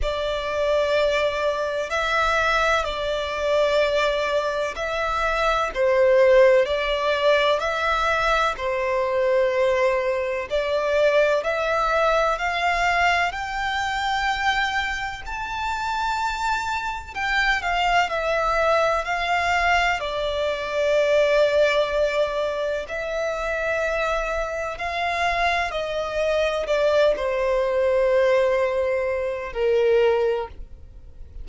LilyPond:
\new Staff \with { instrumentName = "violin" } { \time 4/4 \tempo 4 = 63 d''2 e''4 d''4~ | d''4 e''4 c''4 d''4 | e''4 c''2 d''4 | e''4 f''4 g''2 |
a''2 g''8 f''8 e''4 | f''4 d''2. | e''2 f''4 dis''4 | d''8 c''2~ c''8 ais'4 | }